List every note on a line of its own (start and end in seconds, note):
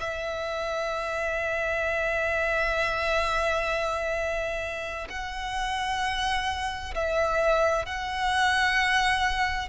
0.00 5.08 E5
5.10 6.94 F#5
6.95 7.86 E5
7.86 9.68 F#5